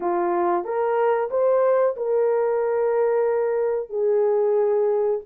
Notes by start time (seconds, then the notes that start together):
0.00 F4
0.64 A#4
1.30 C5
1.96 A#4
3.89 G#4